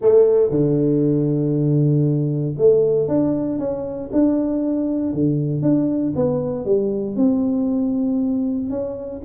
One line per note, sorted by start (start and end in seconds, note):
0.01 0.50 A3
0.50 2.55 D3
2.57 3.08 A3
3.08 3.59 D4
3.59 4.10 C#4
4.12 5.13 D4
5.13 5.62 D3
5.62 6.13 D4
6.15 6.65 B3
6.65 7.16 G3
7.16 8.69 C4
8.70 9.21 C#4